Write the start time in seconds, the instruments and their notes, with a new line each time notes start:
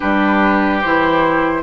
0.00 bassoon G3, clarinet D4, oboe G4, flute B4
0.81 bassoon E3, clarinet E4, flute C5